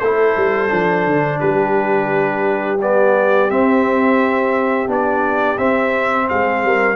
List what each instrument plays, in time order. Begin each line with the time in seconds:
0.00 tuba A3, trombone E4, horn A4, trumpet C5
0.36 tuba G3
0.69 tuba F3, trombone D4
1.06 tuba D3
1.40 tuba G3, horn G4, trumpet B4
2.82 trombone B3, trumpet D5
3.50 trombone C4, tuba C4, trumpet E5
4.87 tuba B3, trombone D4, trumpet D5
5.58 tuba C4, trombone C4, trumpet E5
6.29 tuba G#3, horn G#4, trumpet F5
6.64 tuba G3, horn A#4